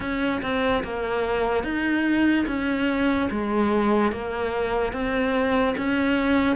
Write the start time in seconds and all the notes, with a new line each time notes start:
0.00 C#4
0.41 C4
0.83 A#3
1.63 D#4
2.47 C#4
3.31 G#3
4.12 A#3
4.92 C4
5.77 C#4